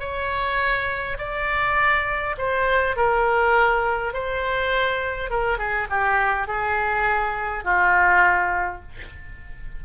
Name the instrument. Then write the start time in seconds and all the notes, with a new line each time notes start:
oboe
0.00 C#5
1.18 D5
2.38 C5
2.97 A#4
4.14 C5
5.30 A#4
5.58 G#4
5.90 G4
6.48 G#4
7.64 F4